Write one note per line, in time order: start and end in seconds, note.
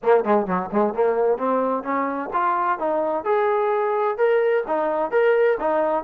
0.02 0.24 A#3
0.24 0.46 G#3
0.46 0.69 F#3
0.72 0.94 G#3
0.94 1.38 A#3
1.38 1.83 C4
1.83 2.30 C#4
2.33 2.78 F4
2.78 3.24 D#4
3.24 4.17 G#4
4.17 4.64 A#4
4.67 5.11 D#4
5.11 5.58 A#4
5.60 6.04 D#4